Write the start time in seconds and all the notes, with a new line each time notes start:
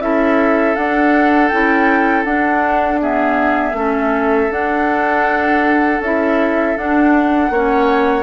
0.00 C#4 E4 A4 E5
0.75 D4 F#5
1.48 C#4 E4 G5
2.24 D4 F#5
3.00 B3 G#4 E5
3.73 A3 C#4 A4
4.50 D4 F#5
6.00 C#4 E4 E5
6.77 D4 F#5
7.50 A#3 C#4 C#5